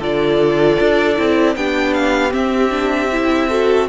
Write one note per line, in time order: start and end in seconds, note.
0.00 0.78 D3
0.00 1.17 F4
0.00 1.56 A4
0.00 1.57 D5
0.81 1.19 D4
1.17 1.56 C4
1.17 1.56 E4
1.56 2.34 B3
1.56 2.31 D4
1.56 3.49 G4
1.56 1.94 G5
1.94 2.33 F5
2.31 2.70 C4
2.31 3.90 C4
2.31 3.90 E5
2.70 3.09 D4
3.12 3.51 E4
3.49 3.90 F#4
3.49 3.88 A4